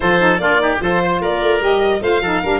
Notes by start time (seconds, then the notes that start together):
0.00 F3 F4 A4 C5
0.19 D#4
0.37 A#3 D4 F4 D5
0.58 D#4 G4
0.80 F3 F4 A4 C5
1.03 C5
1.21 A#3 A#4 D5
1.40 A3
1.60 G3 G4 D#5
2.01 A3 F4 C5 F5
2.20 F3 D#4 A4
2.42 G3 D4 A#4